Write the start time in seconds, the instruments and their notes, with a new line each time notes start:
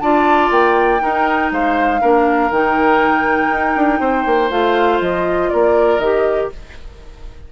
0.00 bassoon D4, clarinet F4, oboe D5, flute A5
0.51 bassoon A#3, flute G5
1.00 clarinet D#4, bassoon D#4, oboe A#4
1.52 bassoon G#3, oboe C5, flute F5
2.01 bassoon A#3, clarinet D4, oboe A#4
2.51 bassoon D#3, clarinet D#4, flute G5
3.50 bassoon D#4
3.76 bassoon D4
4.00 bassoon C4, oboe C5
4.26 bassoon A#3
4.50 bassoon A3, clarinet F4, flute F5
5.01 bassoon F3, flute D#5
5.49 bassoon A#3, oboe A#4, flute D5
5.99 bassoon D#3, clarinet G4, flute D#5